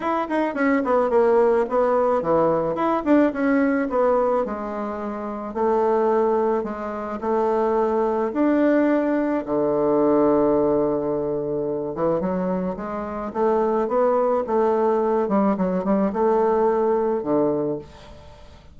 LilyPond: \new Staff \with { instrumentName = "bassoon" } { \time 4/4 \tempo 4 = 108 e'8 dis'8 cis'8 b8 ais4 b4 | e4 e'8 d'8 cis'4 b4 | gis2 a2 | gis4 a2 d'4~ |
d'4 d2.~ | d4. e8 fis4 gis4 | a4 b4 a4. g8 | fis8 g8 a2 d4 | }